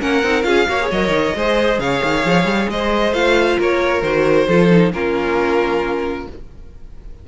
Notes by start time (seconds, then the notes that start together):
0.00 A#3 C#4 A#4 F#5
0.23 C4 D#4
0.43 C#4 F4 G#4 F5
0.68 A#3 F#4 C#5
0.81 G#4
0.91 F#3 A#4 D#5
1.08 D#3
1.35 G#3 G#4 C5
1.79 C#3 C#5 F5
2.03 D#3
2.25 F3
2.44 G3
2.69 G#3 C5 D#5
3.12 A3 F4 F5
3.57 A#3 A#4 C#5
4.02 D#3 F#4 C5
4.48 F3 F4 A4
4.70 D#4
4.93 A#3 C#4 F4 A#4